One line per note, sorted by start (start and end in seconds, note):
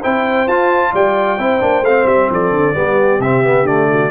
0.00 0.47 C4
0.00 0.48 E4
0.00 0.91 C5
0.00 0.48 G5
0.47 0.93 F4
0.47 1.39 F4
0.47 0.94 A5
0.93 1.39 G3
0.93 1.38 D5
0.93 1.85 G5
1.38 1.62 C4
1.38 1.61 E4
1.38 2.29 C5
1.61 1.82 A#3
1.61 1.83 D4
1.82 2.05 A3
1.82 2.74 C4
1.82 2.07 F5
2.06 2.29 G3
2.06 2.30 E5
2.31 2.51 F3
2.31 2.76 A4
2.31 3.21 D5
2.51 2.74 D3
2.74 3.19 G3
2.74 3.20 B3
2.74 3.90 G4
3.19 3.63 C3
3.19 3.44 C4
3.19 3.67 E5
3.44 3.67 B3
3.63 4.08 D3
3.63 4.11 A3
3.63 4.11 D5
3.91 4.11 F#4